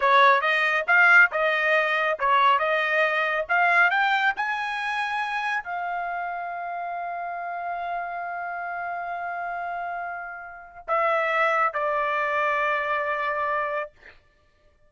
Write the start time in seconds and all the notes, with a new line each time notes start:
0.00 C#5
0.41 D#5
0.87 F5
1.31 D#5
2.19 C#5
2.58 D#5
3.48 F5
3.90 G5
4.36 G#5
5.63 F5
10.87 E5
11.73 D5